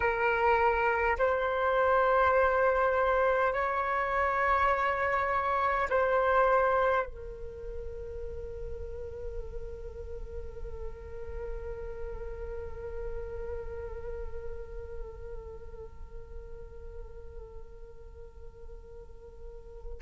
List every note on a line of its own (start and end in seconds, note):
0.00 1.17 A#4
1.18 3.53 C5
3.53 5.88 C#5
5.89 7.06 C5
7.06 20.00 A#4